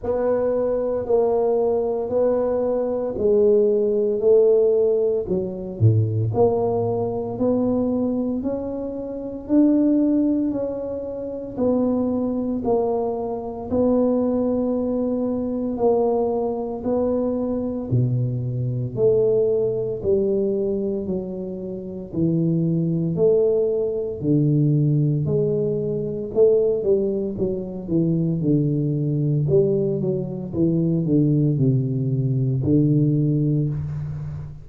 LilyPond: \new Staff \with { instrumentName = "tuba" } { \time 4/4 \tempo 4 = 57 b4 ais4 b4 gis4 | a4 fis8 a,8 ais4 b4 | cis'4 d'4 cis'4 b4 | ais4 b2 ais4 |
b4 b,4 a4 g4 | fis4 e4 a4 d4 | gis4 a8 g8 fis8 e8 d4 | g8 fis8 e8 d8 c4 d4 | }